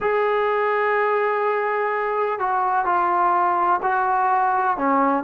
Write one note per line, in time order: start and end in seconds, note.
0.00 2.39 G#4
2.39 2.85 F#4
2.85 3.80 F4
3.82 4.77 F#4
4.77 5.23 C#4